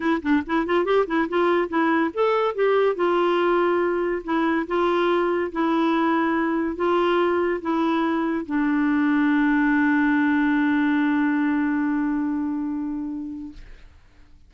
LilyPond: \new Staff \with { instrumentName = "clarinet" } { \time 4/4 \tempo 4 = 142 e'8 d'8 e'8 f'8 g'8 e'8 f'4 | e'4 a'4 g'4 f'4~ | f'2 e'4 f'4~ | f'4 e'2. |
f'2 e'2 | d'1~ | d'1~ | d'1 | }